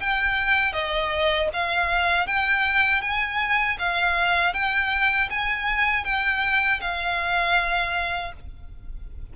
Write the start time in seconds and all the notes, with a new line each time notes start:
0.00 G5
0.73 D#5
1.54 F5
2.27 G5
3.02 G#5
3.79 F5
4.54 G5
5.30 G#5
6.05 G5
6.81 F5